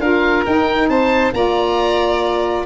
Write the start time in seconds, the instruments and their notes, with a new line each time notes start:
0.00 tuba D4, saxophone F4, violin A#4, oboe F5
0.46 saxophone D#4, tuba D#4, oboe G5
0.89 tuba C4, violin C5, oboe A5
1.33 tuba A#3, saxophone F4, violin D5, oboe A#5